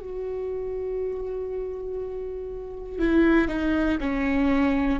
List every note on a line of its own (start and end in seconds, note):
0.00 2.99 F#4
2.99 3.48 E4
3.48 3.98 D#4
4.00 5.00 C#4